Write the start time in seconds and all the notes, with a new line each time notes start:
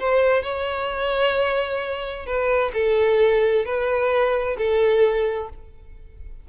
0.00 C5
0.43 C#5
2.26 B4
2.74 A4
3.66 B4
4.58 A4